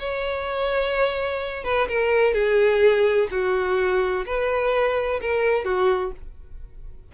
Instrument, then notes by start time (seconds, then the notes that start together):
violin
0.00 C#5
1.64 B4
1.89 A#4
2.34 G#4
3.32 F#4
4.26 B4
5.22 A#4
5.65 F#4